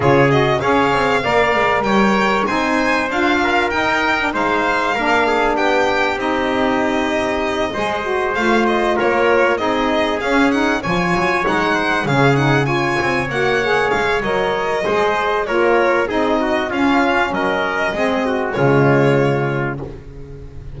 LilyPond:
<<
  \new Staff \with { instrumentName = "violin" } { \time 4/4 \tempo 4 = 97 cis''8 dis''8 f''2 g''4 | gis''4 f''4 g''4 f''4~ | f''4 g''4 dis''2~ | dis''4. f''8 dis''8 cis''4 dis''8~ |
dis''8 f''8 fis''8 gis''4 fis''4 f''8 | fis''8 gis''4 fis''4 f''8 dis''4~ | dis''4 cis''4 dis''4 f''4 | dis''2 cis''2 | }
  \new Staff \with { instrumentName = "trumpet" } { \time 4/4 gis'4 cis''4 d''4 cis''4 | c''4. ais'4. c''4 | ais'8 gis'8 g'2.~ | g'8 c''2 ais'4 gis'8~ |
gis'4. cis''4. c''8 gis'8~ | gis'8 cis''2.~ cis''8 | c''4 ais'4 gis'8 fis'8 f'4 | ais'4 gis'8 fis'8 f'2 | }
  \new Staff \with { instrumentName = "saxophone" } { \time 4/4 f'8 fis'8 gis'4 ais'2 | dis'4 f'4 dis'8. d'16 dis'4 | d'2 dis'2~ | dis'8 gis'8 fis'8 f'2 dis'8~ |
dis'8 cis'8 dis'8 f'4 dis'4 cis'8 | dis'8 f'4 fis'8 gis'4 ais'4 | gis'4 f'4 dis'4 cis'4~ | cis'4 c'4 gis2 | }
  \new Staff \with { instrumentName = "double bass" } { \time 4/4 cis4 cis'8 c'8 ais8 gis8 g4 | c'4 d'4 dis'4 gis4 | ais4 b4 c'2~ | c'8 gis4 a4 ais4 c'8~ |
c'8 cis'4 f8 fis8 gis4 cis8~ | cis4 c'8 ais4 gis8 fis4 | gis4 ais4 c'4 cis'4 | fis4 gis4 cis2 | }
>>